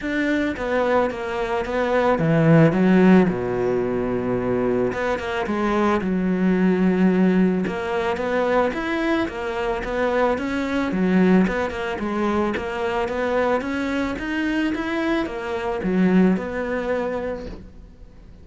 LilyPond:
\new Staff \with { instrumentName = "cello" } { \time 4/4 \tempo 4 = 110 d'4 b4 ais4 b4 | e4 fis4 b,2~ | b,4 b8 ais8 gis4 fis4~ | fis2 ais4 b4 |
e'4 ais4 b4 cis'4 | fis4 b8 ais8 gis4 ais4 | b4 cis'4 dis'4 e'4 | ais4 fis4 b2 | }